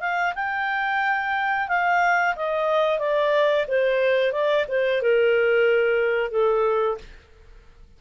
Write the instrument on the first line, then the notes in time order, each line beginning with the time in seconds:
clarinet
0.00 F5
0.35 G5
1.68 F5
2.36 D#5
2.99 D5
3.68 C5
4.32 D5
4.68 C5
5.02 A#4
6.31 A4